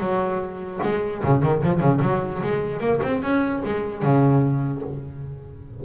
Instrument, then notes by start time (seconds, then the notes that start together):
double bass
0.00 F#3
0.83 G#3
1.24 C#3
1.43 D#3
1.64 F3
1.81 C#3
2.02 F#3
2.43 G#3
2.81 A#3
3.03 C4
3.23 C#4
3.65 G#3
4.03 C#3